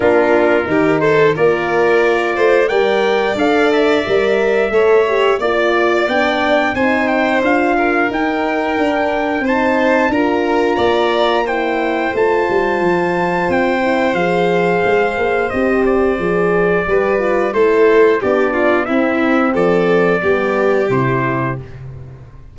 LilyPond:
<<
  \new Staff \with { instrumentName = "trumpet" } { \time 4/4 \tempo 4 = 89 ais'4. c''8 d''2 | g''4 f''8 e''2~ e''8 | d''4 g''4 gis''8 g''8 f''4 | g''2 a''4 ais''4~ |
ais''4 g''4 a''2 | g''4 f''2 dis''8 d''8~ | d''2 c''4 d''4 | e''4 d''2 c''4 | }
  \new Staff \with { instrumentName = "violin" } { \time 4/4 f'4 g'8 a'8 ais'4. c''8 | d''2. cis''4 | d''2 c''4. ais'8~ | ais'2 c''4 ais'4 |
d''4 c''2.~ | c''1~ | c''4 b'4 a'4 g'8 f'8 | e'4 a'4 g'2 | }
  \new Staff \with { instrumentName = "horn" } { \time 4/4 d'4 dis'4 f'2 | ais'4 a'4 ais'4 a'8 g'8 | f'4 d'4 dis'4 f'4 | dis'4 d'4 dis'4 f'4~ |
f'4 e'4 f'2~ | f'8 e'8 gis'2 g'4 | gis'4 g'8 f'8 e'4 d'4 | c'2 b4 e'4 | }
  \new Staff \with { instrumentName = "tuba" } { \time 4/4 ais4 dis4 ais4. a8 | g4 d'4 g4 a4 | ais4 b4 c'4 d'4 | dis'4 d'4 c'4 d'4 |
ais2 a8 g8 f4 | c'4 f4 gis8 ais8 c'4 | f4 g4 a4 b4 | c'4 f4 g4 c4 | }
>>